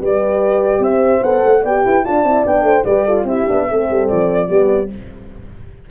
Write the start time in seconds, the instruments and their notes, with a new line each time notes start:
0.00 tuba G3, horn G4 B4, flute D5
0.79 tuba C4, horn C5, flute E5
1.22 tuba B3, horn A4, flute F#5
1.45 tuba A3
1.62 tuba B3, horn G4 D5, flute G5
1.85 tuba E4, horn B4
2.04 tuba D4, horn F4 D5, flute A5
2.24 tuba C4, horn E4
2.44 tuba B3, horn D4, flute G5
2.62 tuba A3, horn C5
2.85 tuba G3, horn G4 B4, flute D5
3.05 horn F4 A4
3.24 tuba C4, horn E4 G4, flute E5
3.48 tuba B3, horn D4
3.68 tuba A3, horn C4 A4
3.90 tuba G3
4.08 tuba F3, flute D5
4.48 tuba G3, horn B3 G4